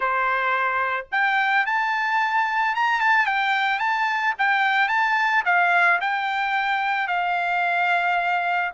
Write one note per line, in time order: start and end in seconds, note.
0.00 1.07 C5
1.11 1.66 G5
1.66 2.75 A5
2.75 3.00 A#5
3.00 3.26 A5
3.26 3.79 G5
3.79 4.34 A5
4.38 4.88 G5
4.88 5.43 A5
5.45 5.99 F5
6.00 7.07 G5
7.07 8.71 F5